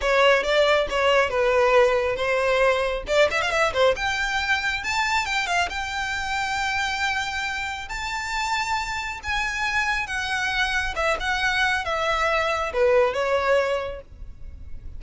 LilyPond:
\new Staff \with { instrumentName = "violin" } { \time 4/4 \tempo 4 = 137 cis''4 d''4 cis''4 b'4~ | b'4 c''2 d''8 e''16 f''16 | e''8 c''8 g''2 a''4 | g''8 f''8 g''2.~ |
g''2 a''2~ | a''4 gis''2 fis''4~ | fis''4 e''8 fis''4. e''4~ | e''4 b'4 cis''2 | }